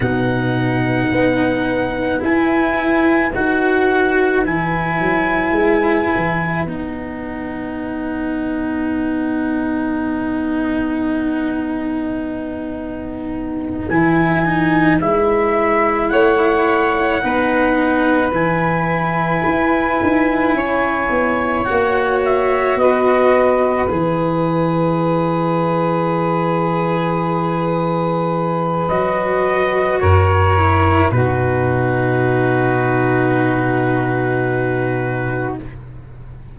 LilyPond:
<<
  \new Staff \with { instrumentName = "trumpet" } { \time 4/4 \tempo 4 = 54 fis''2 gis''4 fis''4 | gis''2 fis''2~ | fis''1~ | fis''8 gis''4 e''4 fis''4.~ |
fis''8 gis''2. fis''8 | e''8 dis''4 e''2~ e''8~ | e''2 dis''4 cis''4 | b'1 | }
  \new Staff \with { instrumentName = "saxophone" } { \time 4/4 b'1~ | b'1~ | b'1~ | b'2~ b'8 cis''4 b'8~ |
b'2~ b'8 cis''4.~ | cis''8 b'2.~ b'8~ | b'2. ais'4 | fis'1 | }
  \new Staff \with { instrumentName = "cello" } { \time 4/4 dis'2 e'4 fis'4 | e'2 dis'2~ | dis'1~ | dis'8 e'8 dis'8 e'2 dis'8~ |
dis'8 e'2. fis'8~ | fis'4. gis'2~ gis'8~ | gis'2 fis'4. e'8 | dis'1 | }
  \new Staff \with { instrumentName = "tuba" } { \time 4/4 b,4 b4 e'4 dis'4 | e8 fis8 gis8 e8 b2~ | b1~ | b8 e4 gis4 a4 b8~ |
b8 e4 e'8 dis'8 cis'8 b8 ais8~ | ais8 b4 e2~ e8~ | e2 fis4 fis,4 | b,1 | }
>>